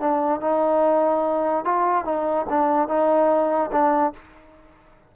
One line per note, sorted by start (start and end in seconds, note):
0.00 0.41 D4
0.41 1.65 D#4
1.65 2.05 F4
2.05 2.46 D#4
2.50 2.88 D4
2.88 3.71 D#4
3.72 4.13 D4